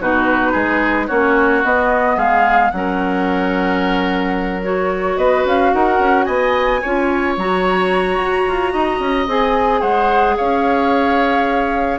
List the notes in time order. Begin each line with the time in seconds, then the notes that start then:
0.00 B2 D#4 F#4 B4
0.52 G#3 G#4
1.07 A#3 C#4 F#4 C#5
1.63 B3 D#5
2.16 G#3 G#4 F5
2.70 F#3 C#4 F#5
2.77 A#4
4.63 F#4 C#5
5.16 B3 B4 D#5
5.44 C#4 F5
5.73 D#4 A#4 F#5
5.99 C#4
6.24 B3 D#5 G#5
6.81 C#4 F4 C#5
7.37 F#3 F#4 A#5
8.17 F#4
8.47 F4
8.72 D#4 D#5
8.99 C#4
9.27 C4 G#4 G#5
9.80 G#3 C5 F#5
10.36 C#4 C#5 F5